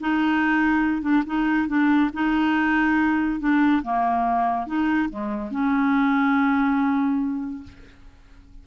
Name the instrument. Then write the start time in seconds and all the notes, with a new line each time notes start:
clarinet
0.00 D#4
1.01 D4
1.26 D#4
1.68 D4
2.13 D#4
3.39 D4
3.83 A#3
4.66 D#4
5.09 G#3
5.50 C#4